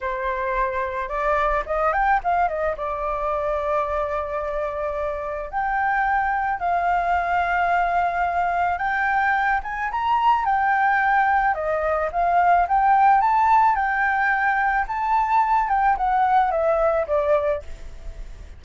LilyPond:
\new Staff \with { instrumentName = "flute" } { \time 4/4 \tempo 4 = 109 c''2 d''4 dis''8 g''8 | f''8 dis''8 d''2.~ | d''2 g''2 | f''1 |
g''4. gis''8 ais''4 g''4~ | g''4 dis''4 f''4 g''4 | a''4 g''2 a''4~ | a''8 g''8 fis''4 e''4 d''4 | }